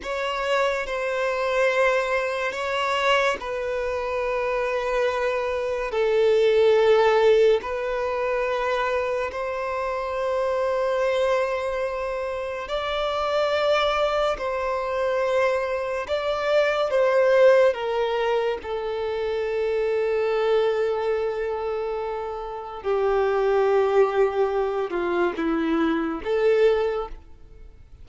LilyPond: \new Staff \with { instrumentName = "violin" } { \time 4/4 \tempo 4 = 71 cis''4 c''2 cis''4 | b'2. a'4~ | a'4 b'2 c''4~ | c''2. d''4~ |
d''4 c''2 d''4 | c''4 ais'4 a'2~ | a'2. g'4~ | g'4. f'8 e'4 a'4 | }